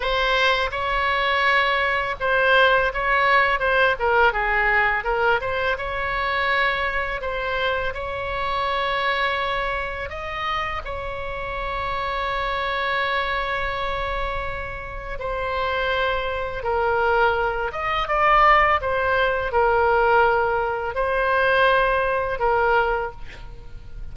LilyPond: \new Staff \with { instrumentName = "oboe" } { \time 4/4 \tempo 4 = 83 c''4 cis''2 c''4 | cis''4 c''8 ais'8 gis'4 ais'8 c''8 | cis''2 c''4 cis''4~ | cis''2 dis''4 cis''4~ |
cis''1~ | cis''4 c''2 ais'4~ | ais'8 dis''8 d''4 c''4 ais'4~ | ais'4 c''2 ais'4 | }